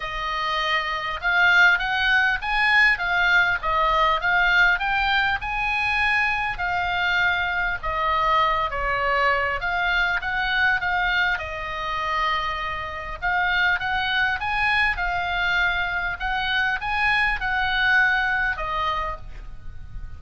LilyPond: \new Staff \with { instrumentName = "oboe" } { \time 4/4 \tempo 4 = 100 dis''2 f''4 fis''4 | gis''4 f''4 dis''4 f''4 | g''4 gis''2 f''4~ | f''4 dis''4. cis''4. |
f''4 fis''4 f''4 dis''4~ | dis''2 f''4 fis''4 | gis''4 f''2 fis''4 | gis''4 fis''2 dis''4 | }